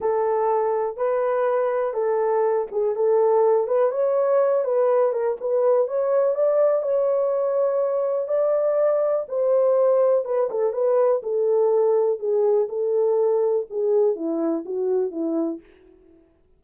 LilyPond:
\new Staff \with { instrumentName = "horn" } { \time 4/4 \tempo 4 = 123 a'2 b'2 | a'4. gis'8 a'4. b'8 | cis''4. b'4 ais'8 b'4 | cis''4 d''4 cis''2~ |
cis''4 d''2 c''4~ | c''4 b'8 a'8 b'4 a'4~ | a'4 gis'4 a'2 | gis'4 e'4 fis'4 e'4 | }